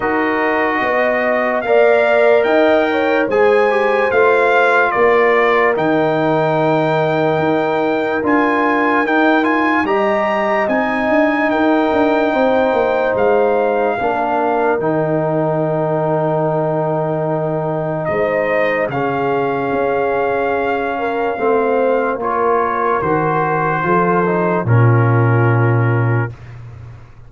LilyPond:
<<
  \new Staff \with { instrumentName = "trumpet" } { \time 4/4 \tempo 4 = 73 dis''2 f''4 g''4 | gis''4 f''4 d''4 g''4~ | g''2 gis''4 g''8 gis''8 | ais''4 gis''4 g''2 |
f''2 g''2~ | g''2 dis''4 f''4~ | f''2. cis''4 | c''2 ais'2 | }
  \new Staff \with { instrumentName = "horn" } { \time 4/4 ais'4 dis''4 d''4 dis''8 cis''8 | c''2 ais'2~ | ais'1 | dis''2 ais'4 c''4~ |
c''4 ais'2.~ | ais'2 c''4 gis'4~ | gis'4. ais'8 c''4 ais'4~ | ais'4 a'4 f'2 | }
  \new Staff \with { instrumentName = "trombone" } { \time 4/4 fis'2 ais'2 | gis'8 g'8 f'2 dis'4~ | dis'2 f'4 dis'8 f'8 | g'4 dis'2.~ |
dis'4 d'4 dis'2~ | dis'2. cis'4~ | cis'2 c'4 f'4 | fis'4 f'8 dis'8 cis'2 | }
  \new Staff \with { instrumentName = "tuba" } { \time 4/4 dis'4 b4 ais4 dis'4 | gis4 a4 ais4 dis4~ | dis4 dis'4 d'4 dis'4 | g4 c'8 d'8 dis'8 d'8 c'8 ais8 |
gis4 ais4 dis2~ | dis2 gis4 cis4 | cis'2 a4 ais4 | dis4 f4 ais,2 | }
>>